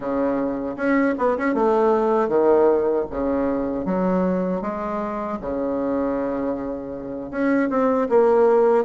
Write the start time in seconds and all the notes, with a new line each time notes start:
0.00 C#3
0.76 C#4
1.17 B3
1.37 C#4
1.54 A3
2.28 D#3
3.10 C#3
3.85 F#3
4.61 G#3
5.41 C#3
7.30 C#4
7.69 C4
8.09 A#3